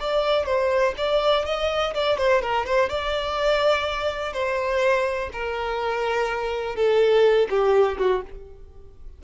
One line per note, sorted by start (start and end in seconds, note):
0.00 0.46 D5
0.46 0.94 C5
0.97 1.46 D5
1.46 1.94 D#5
1.94 2.18 D5
2.18 2.42 C5
2.42 2.66 A#4
2.66 2.89 C5
2.89 4.33 D5
4.33 5.30 C5
5.33 6.76 A#4
6.76 7.48 A4
7.50 7.98 G4
7.98 8.23 F#4